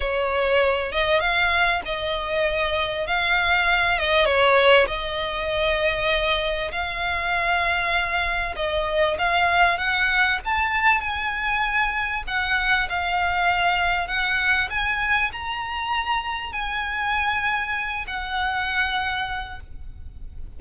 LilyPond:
\new Staff \with { instrumentName = "violin" } { \time 4/4 \tempo 4 = 98 cis''4. dis''8 f''4 dis''4~ | dis''4 f''4. dis''8 cis''4 | dis''2. f''4~ | f''2 dis''4 f''4 |
fis''4 a''4 gis''2 | fis''4 f''2 fis''4 | gis''4 ais''2 gis''4~ | gis''4. fis''2~ fis''8 | }